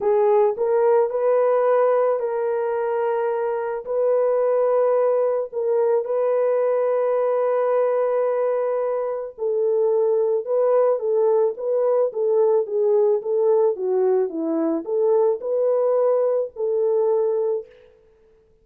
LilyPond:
\new Staff \with { instrumentName = "horn" } { \time 4/4 \tempo 4 = 109 gis'4 ais'4 b'2 | ais'2. b'4~ | b'2 ais'4 b'4~ | b'1~ |
b'4 a'2 b'4 | a'4 b'4 a'4 gis'4 | a'4 fis'4 e'4 a'4 | b'2 a'2 | }